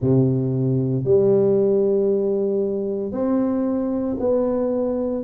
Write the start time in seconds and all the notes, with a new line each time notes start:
0.01 C3
1.04 G3
3.11 C4
4.19 B3